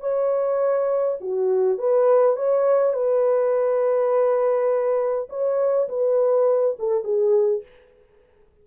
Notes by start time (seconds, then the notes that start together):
0.00 C#5
1.21 F#4
1.78 B4
2.36 C#5
2.93 B4
5.29 C#5
5.89 B4
6.79 A4
7.04 G#4